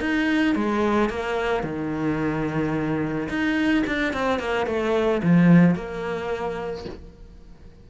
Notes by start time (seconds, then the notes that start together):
0.00 D#4
0.55 G#3
1.10 A#3
1.63 D#3
3.29 D#4
3.87 D4
4.13 C4
4.39 A#3
4.66 A3
5.23 F3
5.75 A#3